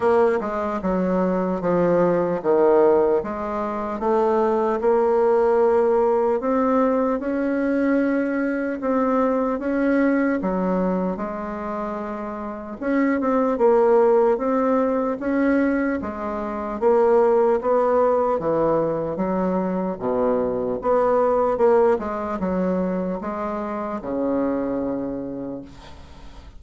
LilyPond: \new Staff \with { instrumentName = "bassoon" } { \time 4/4 \tempo 4 = 75 ais8 gis8 fis4 f4 dis4 | gis4 a4 ais2 | c'4 cis'2 c'4 | cis'4 fis4 gis2 |
cis'8 c'8 ais4 c'4 cis'4 | gis4 ais4 b4 e4 | fis4 b,4 b4 ais8 gis8 | fis4 gis4 cis2 | }